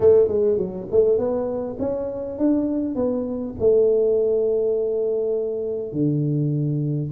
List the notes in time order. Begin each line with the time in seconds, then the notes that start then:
0.00 A3
0.28 G#3
0.57 F#3
0.91 A3
1.17 B3
1.79 C#4
2.38 D4
2.95 B3
3.59 A3
5.92 D3